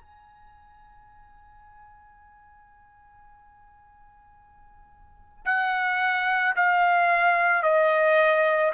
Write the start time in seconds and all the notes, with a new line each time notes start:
0.00 G#5
5.45 F#5
6.56 F5
7.63 D#5